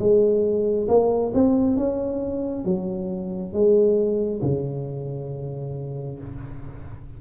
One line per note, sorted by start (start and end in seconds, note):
0.00 0.88 G#3
0.89 1.33 A#3
1.34 1.77 C4
1.77 2.66 C#4
2.66 3.54 F#3
3.54 4.42 G#3
4.43 6.19 C#3